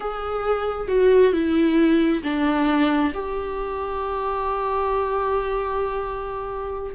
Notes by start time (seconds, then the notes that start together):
0.00 G#4
0.88 F#4
1.32 E4
2.23 D4
3.13 G4